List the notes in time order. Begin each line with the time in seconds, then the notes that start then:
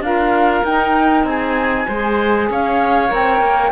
0.00 D4 F4 A#4 F5
0.63 D#4 G5
1.24 C4 G#4 G#5
1.88 G#3 G#4 C5
2.50 C#4 C#5 F5
3.08 C4 A#4
3.14 G5
3.41 A#3